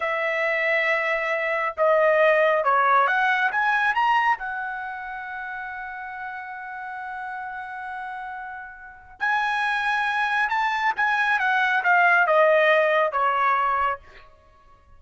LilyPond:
\new Staff \with { instrumentName = "trumpet" } { \time 4/4 \tempo 4 = 137 e''1 | dis''2 cis''4 fis''4 | gis''4 ais''4 fis''2~ | fis''1~ |
fis''1~ | fis''4 gis''2. | a''4 gis''4 fis''4 f''4 | dis''2 cis''2 | }